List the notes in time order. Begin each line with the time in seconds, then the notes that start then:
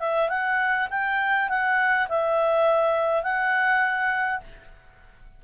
0.00 E5
0.29 F#5
0.90 G5
1.49 F#5
2.09 E5
3.23 F#5